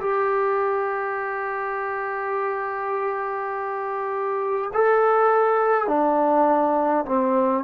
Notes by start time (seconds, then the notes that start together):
0.00 G4
4.73 A4
5.87 D4
7.05 C4